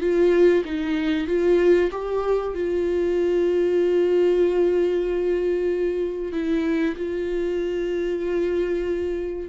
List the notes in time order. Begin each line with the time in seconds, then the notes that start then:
0.00 F4
0.65 D#4
1.27 F4
1.91 G4
2.54 F4
6.32 E4
6.96 F4